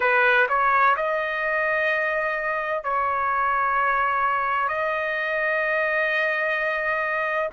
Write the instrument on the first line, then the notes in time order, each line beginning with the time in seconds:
trumpet
0.00 B4
0.49 C#5
0.96 D#5
2.83 C#5
4.68 D#5